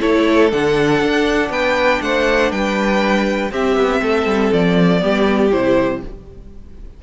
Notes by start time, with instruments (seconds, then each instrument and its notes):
0.00 cello A3, viola E4, violin A4 C#5
0.51 cello D3, viola D4, violin F#5
1.02 cello D4
1.50 cello B3, violin B4 G5
2.02 cello A3, violin C5 F#5
2.51 cello G3, violin B4 G5
3.51 viola C4, cello C4, violin G4 E5
3.77 cello B3
4.02 cello A3, violin A4
4.26 cello G3
4.53 cello F3, violin D5
5.00 cello G3, viola B3, violin G4
5.52 cello C3, viola E4, violin C5